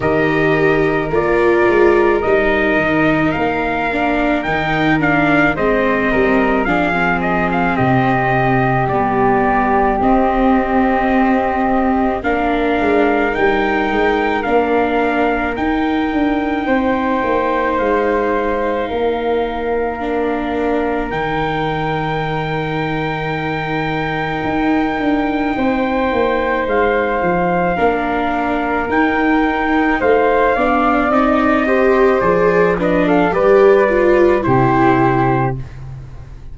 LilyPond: <<
  \new Staff \with { instrumentName = "trumpet" } { \time 4/4 \tempo 4 = 54 dis''4 d''4 dis''4 f''4 | g''8 f''8 dis''4 f''8 dis''16 f''16 dis''4 | d''4 dis''2 f''4 | g''4 f''4 g''2 |
f''2. g''4~ | g''1 | f''2 g''4 f''4 | dis''4 d''8 dis''16 f''16 d''4 c''4 | }
  \new Staff \with { instrumentName = "flute" } { \time 4/4 ais'1~ | ais'4 c''8 ais'8 gis'4 g'4~ | g'2. ais'4~ | ais'2. c''4~ |
c''4 ais'2.~ | ais'2. c''4~ | c''4 ais'2 c''8 d''8~ | d''8 c''4 b'16 a'16 b'4 g'4 | }
  \new Staff \with { instrumentName = "viola" } { \time 4/4 g'4 f'4 dis'4. d'8 | dis'8 d'8 c'4 d'16 c'4.~ c'16 | b4 c'2 d'4 | dis'4 d'4 dis'2~ |
dis'2 d'4 dis'4~ | dis'1~ | dis'4 d'4 dis'4. d'8 | dis'8 g'8 gis'8 d'8 g'8 f'8 e'4 | }
  \new Staff \with { instrumentName = "tuba" } { \time 4/4 dis4 ais8 gis8 g8 dis8 ais4 | dis4 gis8 g8 f4 c4 | g4 c'2 ais8 gis8 | g8 gis8 ais4 dis'8 d'8 c'8 ais8 |
gis4 ais2 dis4~ | dis2 dis'8 d'8 c'8 ais8 | gis8 f8 ais4 dis'4 a8 b8 | c'4 f4 g4 c4 | }
>>